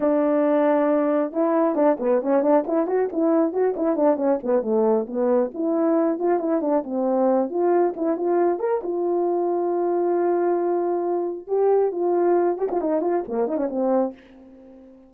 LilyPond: \new Staff \with { instrumentName = "horn" } { \time 4/4 \tempo 4 = 136 d'2. e'4 | d'8 b8 cis'8 d'8 e'8 fis'8 e'4 | fis'8 e'8 d'8 cis'8 b8 a4 b8~ | b8 e'4. f'8 e'8 d'8 c'8~ |
c'4 f'4 e'8 f'4 ais'8 | f'1~ | f'2 g'4 f'4~ | f'8 g'16 f'16 dis'8 f'8 ais8 dis'16 cis'16 c'4 | }